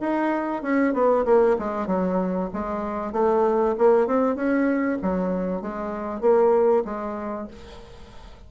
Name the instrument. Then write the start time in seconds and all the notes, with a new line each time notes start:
bassoon
0.00 D#4
0.62 C#4
0.93 B3
1.25 A#3
1.58 G#3
1.87 F#3
2.53 G#3
3.12 A3
3.78 A#3
4.06 C4
4.35 C#4
5.01 F#3
5.61 G#3
6.20 A#3
6.84 G#3